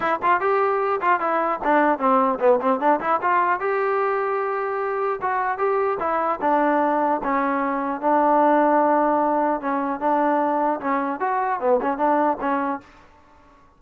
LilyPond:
\new Staff \with { instrumentName = "trombone" } { \time 4/4 \tempo 4 = 150 e'8 f'8 g'4. f'8 e'4 | d'4 c'4 b8 c'8 d'8 e'8 | f'4 g'2.~ | g'4 fis'4 g'4 e'4 |
d'2 cis'2 | d'1 | cis'4 d'2 cis'4 | fis'4 b8 cis'8 d'4 cis'4 | }